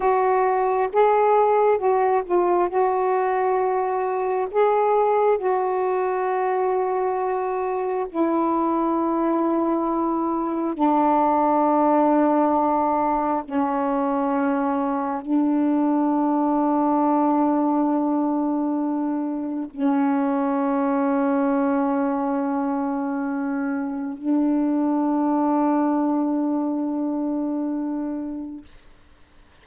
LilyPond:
\new Staff \with { instrumentName = "saxophone" } { \time 4/4 \tempo 4 = 67 fis'4 gis'4 fis'8 f'8 fis'4~ | fis'4 gis'4 fis'2~ | fis'4 e'2. | d'2. cis'4~ |
cis'4 d'2.~ | d'2 cis'2~ | cis'2. d'4~ | d'1 | }